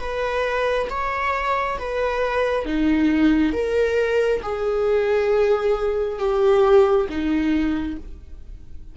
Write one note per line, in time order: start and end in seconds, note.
0.00 0.88 B4
0.90 1.78 C#5
1.78 2.65 B4
2.65 3.53 D#4
3.53 4.41 A#4
4.43 6.19 G#4
6.19 7.07 G4
7.09 7.98 D#4